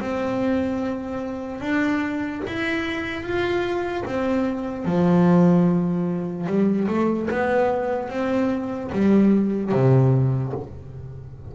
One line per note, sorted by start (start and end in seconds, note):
0.00 1.61 C4
1.61 2.42 D4
2.47 3.23 E4
3.23 4.04 F4
4.06 4.85 C4
4.85 6.47 F3
6.47 6.88 G3
6.88 7.29 A3
7.31 8.10 B3
8.10 8.91 C4
8.93 9.72 G3
9.72 10.53 C3